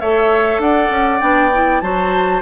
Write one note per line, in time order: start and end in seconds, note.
0.00 0.59 A3
0.00 1.20 A4
0.00 0.61 C#5
0.00 0.61 E5
0.59 0.89 D4
0.59 1.83 D5
0.59 1.21 F#5
0.90 1.20 C#4
1.20 1.82 B3
1.20 1.51 D4
1.20 1.80 G5
1.53 1.82 E4
1.80 2.42 F#3
1.80 2.42 F#4
1.80 2.42 C5
1.80 2.41 A5